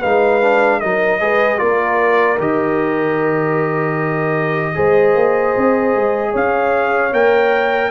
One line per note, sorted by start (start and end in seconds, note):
0.00 0.84 G#3
0.00 0.42 D#4
0.00 0.79 B4
0.00 0.81 F5
0.42 0.82 D4
0.81 1.22 F#3
0.81 1.21 D#4
0.81 1.21 A#4
0.81 1.59 D#5
1.21 1.61 G#3
1.21 1.58 G#4
1.21 1.59 B4
1.58 2.39 A#3
1.58 2.37 F4
1.58 4.75 A#4
1.58 2.38 D5
2.39 4.76 D#3
2.39 4.75 G4
2.39 6.35 D#5
4.75 5.15 G#3
4.75 7.12 G#4
4.75 6.31 C5
5.15 5.55 A#3
5.57 5.95 C4
5.95 6.35 G#3
6.31 7.13 C#4
6.31 7.89 C#5
6.31 7.14 F5
7.13 7.91 A#3
7.13 7.91 A#4
7.13 7.91 G5